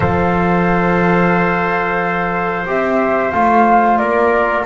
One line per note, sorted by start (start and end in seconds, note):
0.00 2.66 F3
0.00 2.65 A4
0.00 3.98 C5
0.00 2.67 F5
2.66 3.32 C4
2.66 3.32 G4
2.66 3.31 E5
3.31 3.99 A3
3.31 4.65 F4
3.31 3.97 F5
3.97 4.66 A#3
3.97 4.65 A#4
3.97 4.64 D5